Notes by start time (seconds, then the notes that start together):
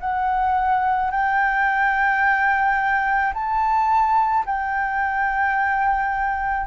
0.00 F#5
1.11 G5
3.33 A5
4.45 G5